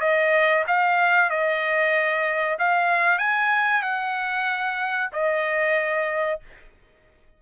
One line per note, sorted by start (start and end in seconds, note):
0.00 0.64 D#5
0.67 1.30 F5
1.30 2.57 D#5
2.59 3.18 F5
3.18 3.82 G#5
3.82 5.10 F#5
5.12 6.40 D#5